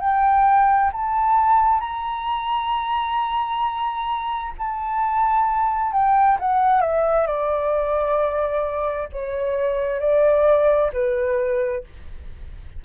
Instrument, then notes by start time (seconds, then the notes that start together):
flute
0.00 G5
0.93 A5
1.80 A#5
4.58 A5
5.92 G5
6.40 F#5
6.81 E5
7.27 D5
9.12 C#5
10.00 D5
10.93 B4